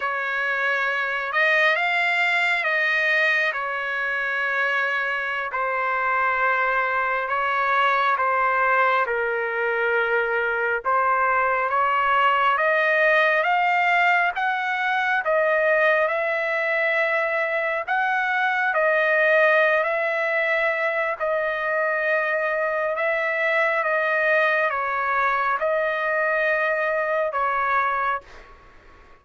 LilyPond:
\new Staff \with { instrumentName = "trumpet" } { \time 4/4 \tempo 4 = 68 cis''4. dis''8 f''4 dis''4 | cis''2~ cis''16 c''4.~ c''16~ | c''16 cis''4 c''4 ais'4.~ ais'16~ | ais'16 c''4 cis''4 dis''4 f''8.~ |
f''16 fis''4 dis''4 e''4.~ e''16~ | e''16 fis''4 dis''4~ dis''16 e''4. | dis''2 e''4 dis''4 | cis''4 dis''2 cis''4 | }